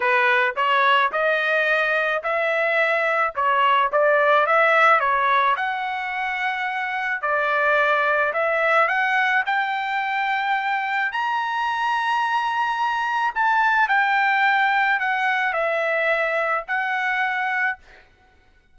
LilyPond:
\new Staff \with { instrumentName = "trumpet" } { \time 4/4 \tempo 4 = 108 b'4 cis''4 dis''2 | e''2 cis''4 d''4 | e''4 cis''4 fis''2~ | fis''4 d''2 e''4 |
fis''4 g''2. | ais''1 | a''4 g''2 fis''4 | e''2 fis''2 | }